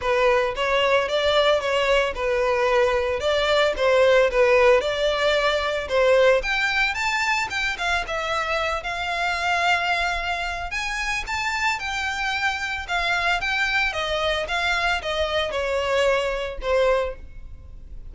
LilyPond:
\new Staff \with { instrumentName = "violin" } { \time 4/4 \tempo 4 = 112 b'4 cis''4 d''4 cis''4 | b'2 d''4 c''4 | b'4 d''2 c''4 | g''4 a''4 g''8 f''8 e''4~ |
e''8 f''2.~ f''8 | gis''4 a''4 g''2 | f''4 g''4 dis''4 f''4 | dis''4 cis''2 c''4 | }